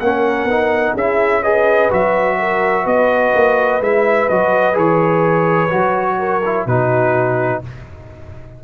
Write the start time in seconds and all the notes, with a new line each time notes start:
0.00 A#3 C#4 A#4 F#5
0.45 B3 D#4
0.95 C#4 E4 G#4 E5
1.43 G#4 B4 D#5
1.91 F#3 F#4 E5
2.39 A#4
2.84 B3 B4 D#5
3.35 A#3
3.80 G#3 E4 E5
4.29 F#3 F#4 D#5
4.74 E3 G#4 C#5
5.70 F#3 F#4
6.19 A#4
6.46 E4
6.66 B2 D#4 F#4 B4